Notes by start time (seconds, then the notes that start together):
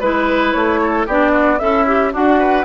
0.00 G#3 E4 B4
0.53 A3 C#5
0.82 A4
1.07 B3 D4 G4 D5
1.32 F#4
1.59 C#4 E4 A4 E5
1.87 G4
2.13 D4 F#4 F#5
2.39 B4